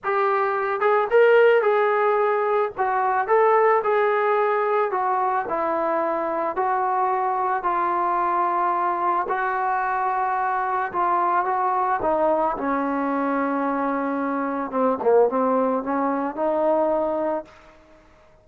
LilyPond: \new Staff \with { instrumentName = "trombone" } { \time 4/4 \tempo 4 = 110 g'4. gis'8 ais'4 gis'4~ | gis'4 fis'4 a'4 gis'4~ | gis'4 fis'4 e'2 | fis'2 f'2~ |
f'4 fis'2. | f'4 fis'4 dis'4 cis'4~ | cis'2. c'8 ais8 | c'4 cis'4 dis'2 | }